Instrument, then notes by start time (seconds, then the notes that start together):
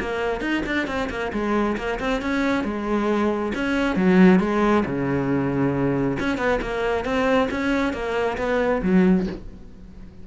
cello
0.00 A#3
0.41 D#4
0.66 D4
0.87 C4
1.10 A#3
1.33 G#3
1.77 A#3
1.99 C4
2.21 C#4
2.64 G#3
3.55 C#4
3.96 F#3
4.40 G#3
4.86 C#3
6.19 C#4
6.37 B3
6.61 A#3
7.05 C4
7.51 C#4
7.93 A#3
8.37 B3
8.83 F#3